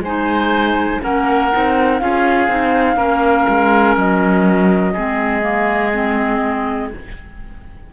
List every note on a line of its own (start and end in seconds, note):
0.00 0.98 G#3
0.00 1.02 C5
0.00 1.02 G#5
0.06 1.01 D#4
1.01 1.53 A#3
1.01 1.50 C#4
1.01 2.01 A#4
1.01 1.99 F#5
1.52 2.01 C4
1.52 2.01 D#4
1.99 2.48 C#4
1.99 2.49 F4
1.99 2.97 G#4
1.99 3.96 F5
2.48 2.97 C4
2.48 2.97 D#4
2.97 3.46 A#3
2.97 4.93 C#4
2.97 4.93 A#4
3.49 3.97 G#3
3.97 4.95 F#3
3.97 6.93 D#5
4.93 6.93 G#3
4.93 5.42 C4
4.93 6.90 G#4
5.42 5.91 A#3
5.94 6.92 C4